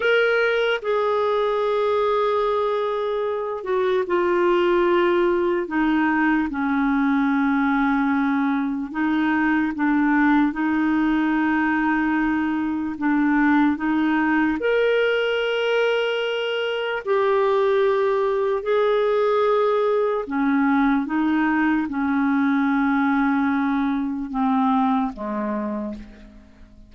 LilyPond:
\new Staff \with { instrumentName = "clarinet" } { \time 4/4 \tempo 4 = 74 ais'4 gis'2.~ | gis'8 fis'8 f'2 dis'4 | cis'2. dis'4 | d'4 dis'2. |
d'4 dis'4 ais'2~ | ais'4 g'2 gis'4~ | gis'4 cis'4 dis'4 cis'4~ | cis'2 c'4 gis4 | }